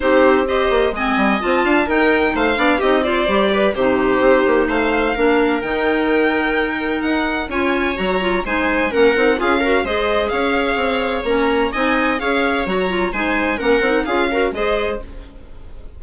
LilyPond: <<
  \new Staff \with { instrumentName = "violin" } { \time 4/4 \tempo 4 = 128 c''4 dis''4 gis''4 a''4 | g''4 f''4 dis''8 d''4. | c''2 f''2 | g''2. fis''4 |
gis''4 ais''4 gis''4 fis''4 | f''4 dis''4 f''2 | ais''4 gis''4 f''4 ais''4 | gis''4 fis''4 f''4 dis''4 | }
  \new Staff \with { instrumentName = "viola" } { \time 4/4 g'4 c''4 dis''4. f''8 | ais'4 c''8 d''8 g'8 c''4 b'8 | g'2 c''4 ais'4~ | ais'1 |
cis''2 c''4 ais'4 | gis'8 ais'8 c''4 cis''2~ | cis''4 dis''4 cis''2 | c''4 ais'4 gis'8 ais'8 c''4 | }
  \new Staff \with { instrumentName = "clarinet" } { \time 4/4 dis'4 g'4 c'4 f'4 | dis'4. d'8 dis'8 f'8 g'4 | dis'2. d'4 | dis'1 |
f'4 fis'8 f'8 dis'4 cis'8 dis'8 | f'8 fis'8 gis'2. | cis'4 dis'4 gis'4 fis'8 f'8 | dis'4 cis'8 dis'8 f'8 fis'8 gis'4 | }
  \new Staff \with { instrumentName = "bassoon" } { \time 4/4 c'4. ais8 gis8 g8 c'8 d'8 | dis'4 a8 b8 c'4 g4 | c4 c'8 ais8 a4 ais4 | dis2. dis'4 |
cis'4 fis4 gis4 ais8 c'8 | cis'4 gis4 cis'4 c'4 | ais4 c'4 cis'4 fis4 | gis4 ais8 c'8 cis'4 gis4 | }
>>